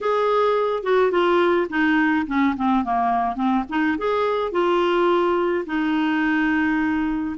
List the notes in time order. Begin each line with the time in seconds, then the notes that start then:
0.00 G#4
0.83 F#4
1.11 F4
1.69 D#4
2.26 C#4
2.56 C4
2.84 A#3
3.35 C4
3.69 D#4
3.98 G#4
4.51 F4
5.66 D#4